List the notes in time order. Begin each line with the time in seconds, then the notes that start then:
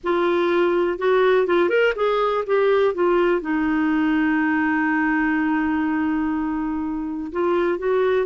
0.03 F4
0.98 F#4
1.47 F4
1.69 A#4
1.95 G#4
2.46 G4
2.94 F4
3.41 D#4
7.31 F4
7.78 F#4